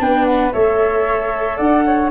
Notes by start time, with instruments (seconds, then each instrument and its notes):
0.00 tuba B3, viola D4, flute B4 G5
0.25 flute F#5
0.52 tuba A3, viola A4, flute C#5 E5
1.57 tuba D4, flute D5 F#5
1.86 flute C#5